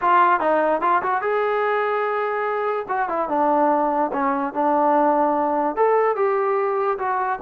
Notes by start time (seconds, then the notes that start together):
0.01 F4
0.40 D#4
0.81 F4
1.02 F#4
1.21 G#4
2.88 F#4
3.08 E4
3.28 D4
4.13 C#4
4.53 D4
5.75 A4
6.16 G4
6.98 F#4